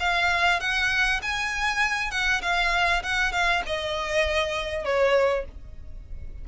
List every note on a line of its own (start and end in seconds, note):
0.00 0.60 F5
0.60 1.21 F#5
1.22 2.11 G#5
2.11 2.41 F#5
2.42 3.02 F5
3.03 3.32 F#5
3.32 3.63 F5
3.66 4.85 D#5
4.85 5.45 C#5